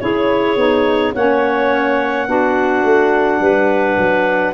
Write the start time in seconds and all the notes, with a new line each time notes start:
0.00 C#4 E4 G#4 C#5
0.56 B3 D#4
1.14 A#3 C#4 C#5 F#5
2.27 B3 D4 F#4
2.83 A3
3.40 G3 B4
3.97 F#3